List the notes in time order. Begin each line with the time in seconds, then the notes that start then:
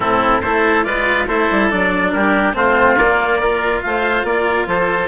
0.00 A2 C4 E4 A4
0.41 A3 E4 A4 C5
0.83 G#3 F4 B4 D5
1.27 A3 E4 A4 C5
1.50 G3
1.70 F#3 D4 D5
2.12 G3 G4 A#4
2.53 A3 C4 F4 C5
2.96 A#3 D5
3.39 F4 A#4
3.82 A3 C5 F5
4.23 A#3 A#4 D5
4.66 F3 A4 C5